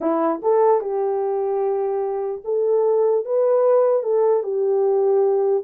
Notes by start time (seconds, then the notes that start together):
0.00 E4
0.42 A4
0.81 G4
2.44 A4
3.25 B4
4.03 A4
4.43 G4